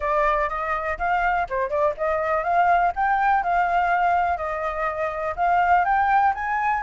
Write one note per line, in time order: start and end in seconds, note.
0.00 0.49 D5
0.49 0.98 D#5
0.98 1.47 F5
1.49 1.69 C5
1.69 1.94 D5
1.97 2.43 D#5
2.43 2.92 F5
2.95 3.43 G5
3.43 4.37 F5
4.37 5.34 D#5
5.36 5.84 F5
5.84 6.33 G5
6.34 6.83 G#5